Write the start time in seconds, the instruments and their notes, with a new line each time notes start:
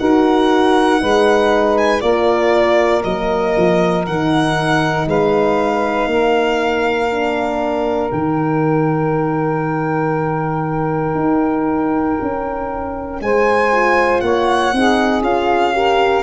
0.00 tuba D#4, horn F#4, saxophone A#4, violin F#5
0.99 tuba G#3, horn D#4, saxophone B4
1.78 violin G#5
2.01 tuba A#3, horn F4, saxophone A#4, violin D5
3.04 tuba F#3, horn A#3, violin D#5
3.57 tuba F3
4.07 tuba D#3, horn D#4, violin F#5
5.07 tuba G#3, saxophone B4, violin F5
6.07 tuba A#3, saxophone A#4
7.11 horn D4
8.11 tuba D#3, horn D#4, violin G5
11.15 tuba D#4
12.22 tuba C#4
13.21 tuba G#3, saxophone C5, violin G#5
13.72 horn F4
14.21 tuba A#3, saxophone C#5, violin F#5
14.73 tuba C4, horn D#4, saxophone G#4
15.22 tuba C#4, horn F4, violin F5
15.74 horn G4, saxophone A#4